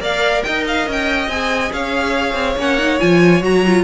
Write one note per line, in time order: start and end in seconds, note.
0.00 0.43 A#3
0.00 1.28 A#4
0.00 0.43 D5
0.00 0.43 F5
0.43 0.88 D#4
0.43 1.73 D#5
0.43 0.64 G5
0.68 0.89 F5
0.88 1.28 C#4
0.88 1.30 G5
1.28 1.71 C4
1.28 2.58 G#4
1.28 1.72 G#5
1.73 2.34 C#4
1.73 3.84 C#5
1.73 2.58 F5
2.34 2.55 C4
2.57 3.00 A#3
2.57 2.78 C#4
2.57 3.00 F#5
2.78 3.00 D#4
3.00 3.41 F3
3.00 3.42 F4
3.00 3.43 G#5
3.41 3.84 F#3
3.41 3.63 F#4
3.41 3.84 A#5
3.66 3.84 F4